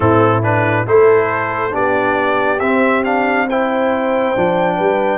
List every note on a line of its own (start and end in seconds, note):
0.00 0.86 A2
0.00 0.42 C4
0.00 0.87 E4
0.00 0.42 A4
0.42 0.86 D4
0.42 0.86 B4
0.86 1.73 A3
0.86 1.71 E4
0.86 1.73 A4
0.86 1.74 C5
1.71 2.60 B3
1.71 2.58 D4
1.71 3.47 G4
1.71 2.59 D5
2.59 4.34 C4
2.59 3.04 C4
2.59 3.03 E5
3.04 3.47 D4
3.04 3.47 F5
3.48 4.35 E4
3.48 4.76 C5
3.48 5.17 G5
4.35 4.79 F3
4.35 5.17 D4
4.76 5.17 G3
4.76 5.17 B4